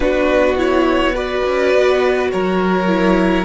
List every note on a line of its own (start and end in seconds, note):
0.00 1.40 B3
0.00 0.57 D4
0.00 1.13 F#4
0.00 0.55 B4
0.57 1.14 E4
0.57 1.15 C#5
1.13 2.87 F#4
1.13 2.29 B4
1.13 2.31 D5
1.46 1.74 C#4
1.74 2.32 B3
2.31 3.44 F#3
2.31 3.44 A#4
2.31 3.44 C#5
2.87 3.44 E4